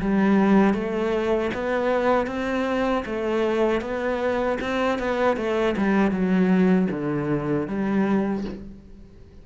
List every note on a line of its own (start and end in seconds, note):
0.00 0.74 G3
0.74 1.51 A3
1.54 2.27 B3
2.27 3.03 C4
3.05 3.81 A3
3.81 4.58 B3
4.61 4.99 C4
4.99 5.36 B3
5.36 5.75 A3
5.77 6.11 G3
6.11 6.88 F#3
6.90 7.67 D3
7.67 8.44 G3